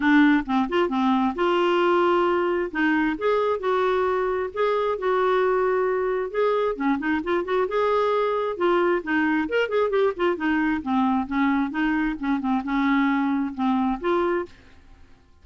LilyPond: \new Staff \with { instrumentName = "clarinet" } { \time 4/4 \tempo 4 = 133 d'4 c'8 f'8 c'4 f'4~ | f'2 dis'4 gis'4 | fis'2 gis'4 fis'4~ | fis'2 gis'4 cis'8 dis'8 |
f'8 fis'8 gis'2 f'4 | dis'4 ais'8 gis'8 g'8 f'8 dis'4 | c'4 cis'4 dis'4 cis'8 c'8 | cis'2 c'4 f'4 | }